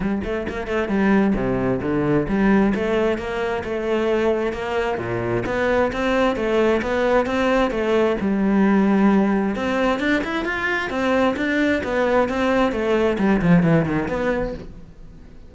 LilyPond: \new Staff \with { instrumentName = "cello" } { \time 4/4 \tempo 4 = 132 g8 a8 ais8 a8 g4 c4 | d4 g4 a4 ais4 | a2 ais4 ais,4 | b4 c'4 a4 b4 |
c'4 a4 g2~ | g4 c'4 d'8 e'8 f'4 | c'4 d'4 b4 c'4 | a4 g8 f8 e8 dis8 b4 | }